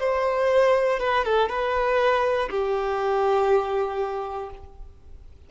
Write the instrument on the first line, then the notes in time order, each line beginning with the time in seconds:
violin
0.00 C5
1.00 B4
1.25 A4
1.50 B4
2.50 G4